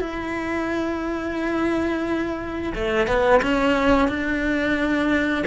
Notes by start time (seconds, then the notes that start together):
0.00 E4
2.74 A3
3.07 B3
3.42 C#4
4.08 D4